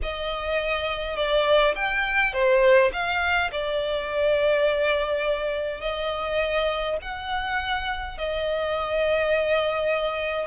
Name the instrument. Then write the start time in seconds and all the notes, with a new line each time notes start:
violin
0.02 D#5
1.16 D5
1.75 G5
2.33 C5
2.92 F5
3.51 D5
5.80 D#5
7.01 F#5
8.17 D#5